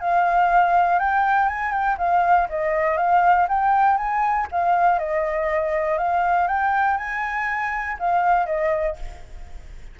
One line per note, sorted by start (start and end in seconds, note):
0.00 0.99 F5
0.99 1.48 G5
1.48 1.71 G#5
1.71 1.96 G5
1.98 2.48 F5
2.49 2.97 D#5
2.97 3.47 F5
3.48 3.97 G5
3.97 4.47 G#5
4.51 4.98 F5
4.98 5.98 D#5
5.98 6.47 F5
6.47 6.97 G5
6.97 7.97 G#5
7.99 8.46 F5
8.46 8.96 D#5